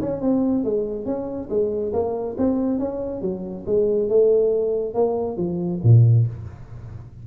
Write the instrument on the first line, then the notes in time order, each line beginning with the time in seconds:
tuba
0.00 C#4
0.21 C4
0.64 G#3
1.05 C#4
1.49 G#3
1.93 A#3
2.37 C4
2.79 C#4
3.21 F#3
3.66 G#3
4.08 A3
4.94 A#3
5.37 F3
5.83 A#2